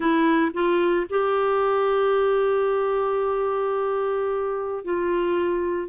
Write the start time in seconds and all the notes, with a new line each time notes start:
0.00 E4
0.53 F4
1.09 G4
4.84 F4